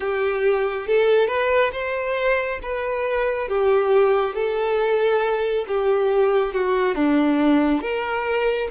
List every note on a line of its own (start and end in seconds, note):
0.00 0.87 G4
0.87 1.27 A4
1.27 1.71 B4
1.72 2.59 C5
2.62 3.48 B4
3.48 4.34 G4
4.34 5.65 A4
5.67 6.53 G4
6.53 6.94 F#4
6.94 7.81 D4
7.81 8.68 A#4